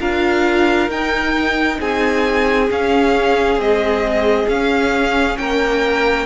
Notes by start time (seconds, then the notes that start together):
0.00 D4 F4 A#4 F5
0.88 D#4 G5
1.79 C4 G#4 G#5
2.69 C#4 F5
3.56 G#3 C4 D#5
4.48 C#4 F5
5.37 A#3 A#4 G5